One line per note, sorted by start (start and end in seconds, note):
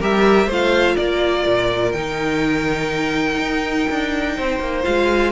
0.00 0.47 G3
0.00 0.49 G4
0.00 0.47 A#4
0.00 0.51 E5
0.47 0.96 A3
0.47 1.95 F4
0.47 0.96 C5
0.47 0.97 F5
0.97 1.46 A#3
0.97 4.36 A#4
0.97 1.92 D5
1.46 1.94 A#2
1.92 3.39 D#3
1.92 4.83 D#4
1.92 4.83 G5
3.39 3.87 D#4
3.90 4.38 D4
4.36 4.60 C4
4.36 5.32 C5
4.60 4.84 A#3
4.83 5.32 G#3
4.83 5.32 F4
4.83 5.32 F5